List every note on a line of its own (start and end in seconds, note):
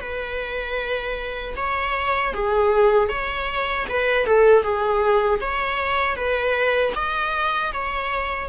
0.00 1.54 B4
1.56 2.33 C#5
2.33 3.08 G#4
3.08 3.85 C#5
3.89 4.26 B4
4.26 4.62 A4
4.62 5.39 G#4
5.40 6.16 C#5
6.16 6.93 B4
6.95 7.72 D#5
7.72 8.48 C#5